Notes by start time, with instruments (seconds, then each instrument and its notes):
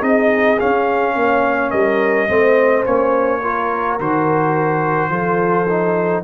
0.00 tuba C4, trombone D#4, horn G#4, trumpet D#5
0.60 trombone C#4, tuba C#4, trumpet F5
1.16 tuba A#3, horn C#5
1.71 tuba G3, horn A#4, trumpet D#5
2.29 tuba A3, trombone C4, horn C5
2.84 tuba A#3, trombone C#4, trumpet C#5
3.41 trombone F4, horn A#4
4.00 tuba D#3, trombone F#4, trumpet C5
5.10 tuba F3, trombone F4, horn A4
5.70 trombone D#4